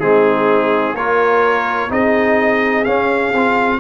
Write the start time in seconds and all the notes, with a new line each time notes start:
0.00 G#3 C4 D#4 G#4
0.94 A#3 F4 A#4 C#5
1.89 C4 D#4 G#4 D#5
2.85 C#4 F5
3.33 C4 F4